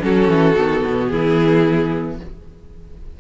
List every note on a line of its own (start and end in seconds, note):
0.00 0.29 F#3
0.00 0.54 C#4
0.00 1.11 F#4
0.00 1.07 A4
0.29 0.56 E3
0.57 0.84 D#3
0.57 2.19 B3
0.86 1.12 B2
1.07 2.20 E3
1.07 2.19 E4
1.07 2.15 G#4